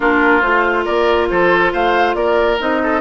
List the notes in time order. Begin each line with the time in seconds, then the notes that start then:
0.00 A#3 D4 F4 A#4
0.41 A3 F4 C5
0.85 A#3 A#4 D5
1.28 F3 A4 C5
1.72 A3 C5 F5
2.14 A#3 A#4 D5
2.59 C4 D#4 D#5
2.83 A4